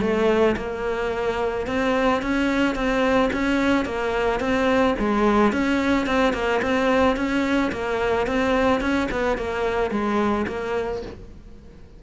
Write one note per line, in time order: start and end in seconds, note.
0.00 0.55 A3
0.56 1.66 A#3
1.66 2.21 C4
2.21 2.74 C#4
2.74 3.30 C4
3.32 3.85 C#4
3.85 4.39 A#3
4.39 4.94 C4
4.99 5.52 G#3
5.52 6.06 C#4
6.06 6.33 C4
6.33 6.60 A#3
6.62 7.16 C4
7.16 7.71 C#4
7.71 8.26 A#3
8.26 8.80 C4
8.80 9.08 C#4
9.11 9.37 B3
9.37 9.91 A#3
9.91 10.46 G#3
10.47 11.02 A#3